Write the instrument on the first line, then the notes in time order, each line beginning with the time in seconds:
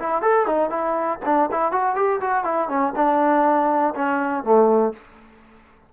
trombone
0.00 E4
0.22 A4
0.46 D#4
0.70 E4
1.25 D4
1.51 E4
1.72 F#4
1.96 G4
2.21 F#4
2.44 E4
2.69 C#4
2.96 D4
3.95 C#4
4.44 A3